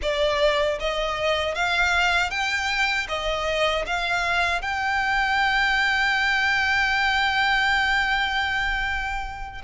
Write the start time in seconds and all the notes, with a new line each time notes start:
0.01 D5
0.79 D#5
1.54 F5
2.30 G5
3.08 D#5
3.86 F5
4.61 G5